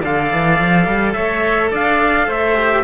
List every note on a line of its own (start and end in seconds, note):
0.00 0.32 D3
0.00 2.54 A4
0.00 1.13 D5
0.00 1.13 F5
0.32 0.59 E3
0.59 0.86 F3
0.86 1.15 G3
1.13 1.72 A3
1.13 1.71 C#5
1.13 1.69 E5
1.71 2.27 D4
1.71 2.27 D5
1.71 2.30 F5
2.27 2.83 A3
2.27 2.83 C5
2.27 2.83 E5
2.54 2.83 G4